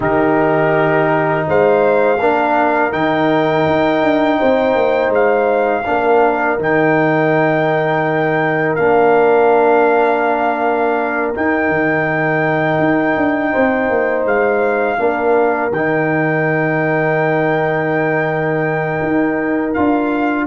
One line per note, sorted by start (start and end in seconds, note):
0.00 1.45 D#3
0.00 2.17 D#4
0.00 1.46 G4
0.00 1.47 A#4
1.47 2.19 G#3
1.47 2.18 C5
1.47 2.92 F5
2.18 2.93 A#3
2.18 2.91 D4
2.18 4.38 A#4
2.91 3.66 D#3
2.91 5.83 D#4
2.91 5.11 G5
3.66 4.02 D#4
4.02 4.39 D4
4.38 4.75 C4
4.38 5.84 C5
4.75 5.09 A#3
5.09 5.82 G#3
5.09 6.60 F5
5.85 6.58 A#3
5.85 6.58 D4
5.85 13.51 A#4
6.58 8.78 D#3
6.58 8.78 D#4
6.58 8.75 G5
8.75 11.34 A#3
8.75 11.34 D4
8.75 11.31 F5
11.34 14.97 D#4
11.34 11.69 D#4
11.34 14.26 G5
11.69 12.78 D#3
12.79 13.15 D#4
13.16 13.53 D4
13.51 13.89 C4
13.51 14.98 C5
13.89 14.25 A#3
14.25 14.98 G#3
14.25 15.72 F5
14.97 15.71 A#3
14.97 15.71 D4
14.97 20.46 A#4
15.71 19.00 D#3
15.71 19.75 D#4
15.71 19.73 G5
19.02 19.75 D#4
19.73 20.46 D4
19.73 20.46 F4
19.73 20.46 F5